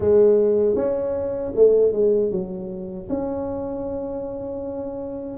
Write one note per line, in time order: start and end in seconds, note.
0.00 0.75 G#3
0.75 1.52 C#4
1.55 1.92 A3
1.92 2.31 G#3
2.31 3.08 F#3
3.09 5.37 C#4